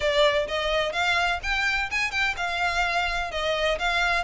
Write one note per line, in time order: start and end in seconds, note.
0.00 0.47 D5
0.47 0.92 D#5
0.92 1.39 F5
1.42 1.90 G5
1.90 2.11 G#5
2.11 2.34 G5
2.36 3.31 F5
3.31 3.78 D#5
3.78 4.24 F5